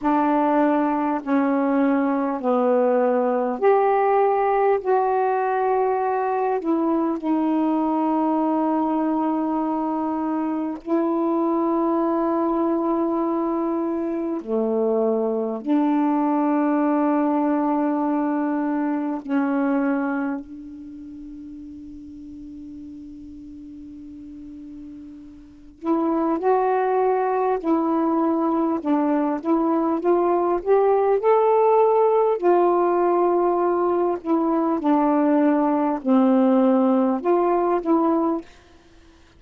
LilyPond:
\new Staff \with { instrumentName = "saxophone" } { \time 4/4 \tempo 4 = 50 d'4 cis'4 b4 g'4 | fis'4. e'8 dis'2~ | dis'4 e'2. | a4 d'2. |
cis'4 d'2.~ | d'4. e'8 fis'4 e'4 | d'8 e'8 f'8 g'8 a'4 f'4~ | f'8 e'8 d'4 c'4 f'8 e'8 | }